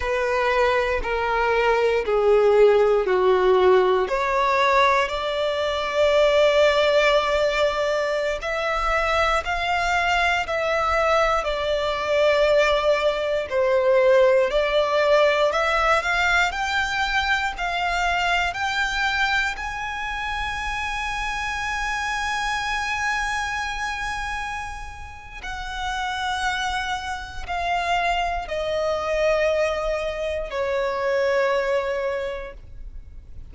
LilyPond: \new Staff \with { instrumentName = "violin" } { \time 4/4 \tempo 4 = 59 b'4 ais'4 gis'4 fis'4 | cis''4 d''2.~ | d''16 e''4 f''4 e''4 d''8.~ | d''4~ d''16 c''4 d''4 e''8 f''16~ |
f''16 g''4 f''4 g''4 gis''8.~ | gis''1~ | gis''4 fis''2 f''4 | dis''2 cis''2 | }